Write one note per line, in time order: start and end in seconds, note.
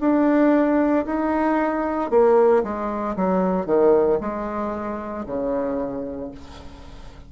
0.00 1.05 D4
1.06 2.11 D#4
2.11 2.63 A#3
2.63 3.16 G#3
3.16 3.67 F#3
3.67 4.19 D#3
4.21 5.26 G#3
5.26 6.32 C#3